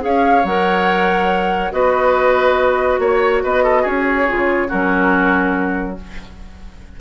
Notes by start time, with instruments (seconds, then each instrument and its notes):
0.00 bassoon C#4, clarinet G#4, oboe C#5, flute F5
0.44 bassoon F#3, clarinet A#4, flute F#5
1.72 bassoon B3, clarinet F#4, oboe B4, flute D#5
2.99 bassoon A#3, oboe C#5, flute C#5
3.43 bassoon B3, oboe B4, flute D#5
3.64 oboe A4
3.82 bassoon C#4, oboe G#4, flute C#5
4.28 bassoon C#3, clarinet F4
4.69 bassoon F#3, clarinet C#4, oboe F#4, flute A#4